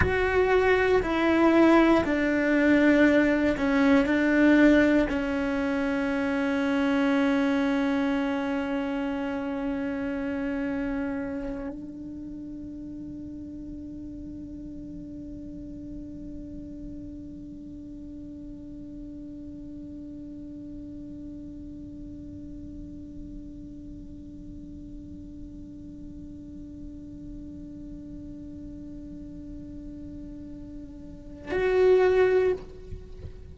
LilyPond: \new Staff \with { instrumentName = "cello" } { \time 4/4 \tempo 4 = 59 fis'4 e'4 d'4. cis'8 | d'4 cis'2.~ | cis'2.~ cis'8 d'8~ | d'1~ |
d'1~ | d'1~ | d'1~ | d'2. fis'4 | }